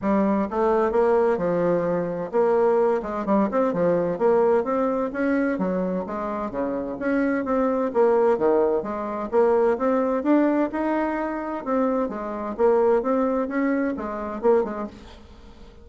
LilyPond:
\new Staff \with { instrumentName = "bassoon" } { \time 4/4 \tempo 4 = 129 g4 a4 ais4 f4~ | f4 ais4. gis8 g8 c'8 | f4 ais4 c'4 cis'4 | fis4 gis4 cis4 cis'4 |
c'4 ais4 dis4 gis4 | ais4 c'4 d'4 dis'4~ | dis'4 c'4 gis4 ais4 | c'4 cis'4 gis4 ais8 gis8 | }